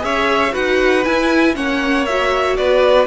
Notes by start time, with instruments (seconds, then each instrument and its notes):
0.00 cello C#4, viola G#4, violin C#5 E5
0.52 cello D#4, viola F#4, violin B4 F#5
1.05 viola E4, cello E4, violin G#5
1.55 cello A#3, viola C#4, violin C#5 F#5
2.06 viola F#4, violin E5
2.57 cello B3, violin B4 D5